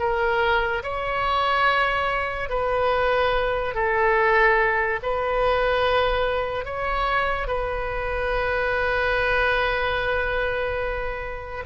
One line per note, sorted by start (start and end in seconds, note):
0.00 0.83 A#4
0.84 2.50 C#5
2.50 3.75 B4
3.75 5.00 A4
5.03 6.66 B4
6.66 7.48 C#5
7.48 11.64 B4